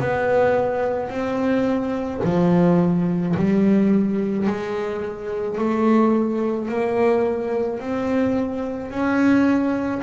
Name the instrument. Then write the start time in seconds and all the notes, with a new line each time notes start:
double bass
0.00 B3
1.10 C4
2.24 F3
3.37 G3
4.47 G#3
5.58 A3
6.69 A#3
7.80 C4
8.91 C#4